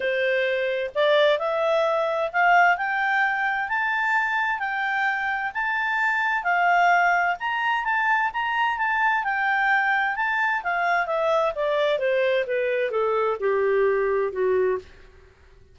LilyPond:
\new Staff \with { instrumentName = "clarinet" } { \time 4/4 \tempo 4 = 130 c''2 d''4 e''4~ | e''4 f''4 g''2 | a''2 g''2 | a''2 f''2 |
ais''4 a''4 ais''4 a''4 | g''2 a''4 f''4 | e''4 d''4 c''4 b'4 | a'4 g'2 fis'4 | }